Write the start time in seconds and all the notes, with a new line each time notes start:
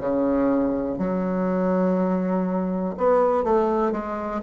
0.00 C#3
0.99 F#3
2.98 B3
3.44 A3
3.92 G#3